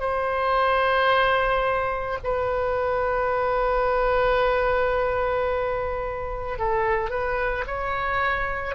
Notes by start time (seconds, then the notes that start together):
0.00 C5
2.24 B4
6.59 A4
7.10 B4
7.67 C#5